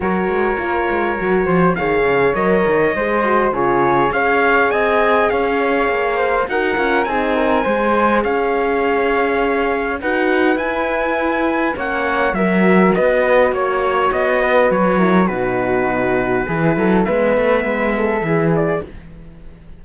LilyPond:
<<
  \new Staff \with { instrumentName = "trumpet" } { \time 4/4 \tempo 4 = 102 cis''2. f''4 | dis''2 cis''4 f''4 | gis''4 f''2 fis''4 | gis''2 f''2~ |
f''4 fis''4 gis''2 | fis''4 e''4 dis''4 cis''4 | dis''4 cis''4 b'2~ | b'4 e''2~ e''8 d''8 | }
  \new Staff \with { instrumentName = "flute" } { \time 4/4 ais'2~ ais'8 c''8 cis''4~ | cis''4 c''4 gis'4 cis''4 | dis''4 cis''4. c''8 ais'4 | gis'8 ais'8 c''4 cis''2~ |
cis''4 b'2. | cis''4 ais'4 b'4 cis''4~ | cis''8 b'4 ais'8 fis'2 | gis'8 a'8 b'4. a'8 gis'4 | }
  \new Staff \with { instrumentName = "horn" } { \time 4/4 fis'4 f'4 fis'4 gis'4 | ais'4 gis'8 fis'8 f'4 gis'4~ | gis'2. fis'8 f'8 | dis'4 gis'2.~ |
gis'4 fis'4 e'2 | cis'4 fis'2.~ | fis'4. e'8 dis'2 | e'4 b2 e'4 | }
  \new Staff \with { instrumentName = "cello" } { \time 4/4 fis8 gis8 ais8 gis8 fis8 f8 dis8 cis8 | fis8 dis8 gis4 cis4 cis'4 | c'4 cis'4 ais4 dis'8 cis'8 | c'4 gis4 cis'2~ |
cis'4 dis'4 e'2 | ais4 fis4 b4 ais4 | b4 fis4 b,2 | e8 fis8 gis8 a8 gis4 e4 | }
>>